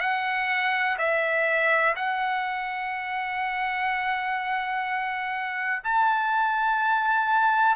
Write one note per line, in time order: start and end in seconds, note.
0.00 0.97 F#5
0.98 1.95 E5
1.96 5.83 F#5
5.83 7.76 A5